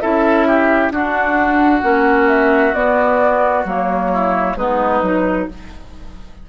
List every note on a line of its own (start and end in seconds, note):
0.00 0.91 C#4
0.00 0.93 E4
0.00 0.47 A4
0.00 0.91 E5
0.47 0.93 G4
0.91 1.82 D4
0.91 1.83 D4
0.91 4.11 F#4
0.91 2.29 F#5
1.83 2.74 A#3
1.83 2.73 C#4
2.29 2.74 E5
2.74 3.65 B3
2.74 3.65 D5
3.65 4.55 F#3
3.65 4.58 A#3
3.65 4.57 C#5
4.13 4.57 E4
4.55 5.01 G#3
4.55 5.03 B3
4.55 5.48 D#4
4.55 5.48 B4
5.02 5.47 F#3
5.02 5.49 D#4